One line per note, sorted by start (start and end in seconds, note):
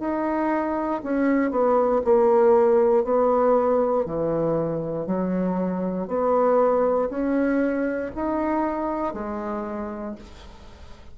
0.00 1.02 D#4
1.04 1.51 C#4
1.51 2.02 B3
2.05 3.05 A#3
3.05 4.06 B3
4.06 5.07 E3
5.07 6.08 F#3
6.08 7.10 B3
7.10 8.11 C#4
8.15 9.14 D#4
9.14 10.16 G#3